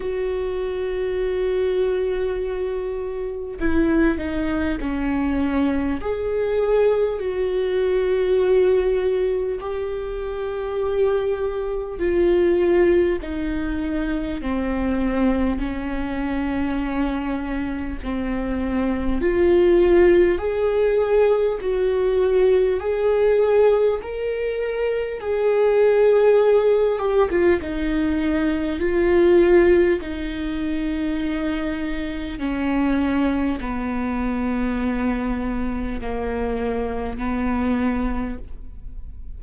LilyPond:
\new Staff \with { instrumentName = "viola" } { \time 4/4 \tempo 4 = 50 fis'2. e'8 dis'8 | cis'4 gis'4 fis'2 | g'2 f'4 dis'4 | c'4 cis'2 c'4 |
f'4 gis'4 fis'4 gis'4 | ais'4 gis'4. g'16 f'16 dis'4 | f'4 dis'2 cis'4 | b2 ais4 b4 | }